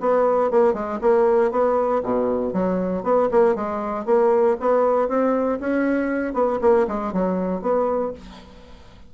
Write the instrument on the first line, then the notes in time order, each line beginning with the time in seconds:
bassoon
0.00 B3
0.51 A#3
0.73 G#3
1.01 A#3
1.51 B3
2.03 B2
2.53 F#3
3.03 B3
3.31 A#3
3.55 G#3
4.06 A#3
4.60 B3
5.08 C4
5.60 C#4
6.34 B3
6.61 A#3
6.87 G#3
7.13 F#3
7.61 B3